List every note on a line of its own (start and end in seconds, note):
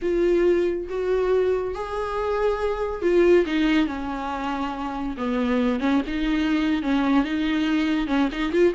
0.02 0.88 F4
0.89 1.74 F#4
1.74 3.02 G#4
3.02 3.45 F4
3.46 3.87 D#4
3.87 5.16 C#4
5.17 5.80 B3
5.80 6.01 C#4
6.06 6.82 D#4
6.82 7.24 C#4
7.24 8.07 D#4
8.07 8.28 C#4
8.32 8.52 D#4
8.52 8.73 F4